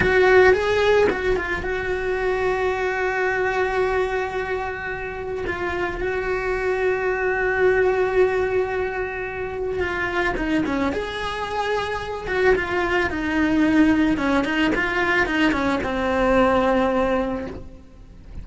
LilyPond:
\new Staff \with { instrumentName = "cello" } { \time 4/4 \tempo 4 = 110 fis'4 gis'4 fis'8 f'8 fis'4~ | fis'1~ | fis'2 f'4 fis'4~ | fis'1~ |
fis'2 f'4 dis'8 cis'8 | gis'2~ gis'8 fis'8 f'4 | dis'2 cis'8 dis'8 f'4 | dis'8 cis'8 c'2. | }